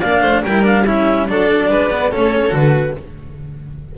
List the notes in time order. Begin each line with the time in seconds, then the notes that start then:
0.00 A#3 D4 D5 F5
0.22 A3 C5
0.44 G3 E4 A#4 G5
0.63 D4 F5
0.86 C#4 E4 E5
1.28 F#3 D4 A4 D5
1.69 G#3 B4
1.91 B3
2.11 A3 C#4 A4 C#5
2.50 D3 F#4 B4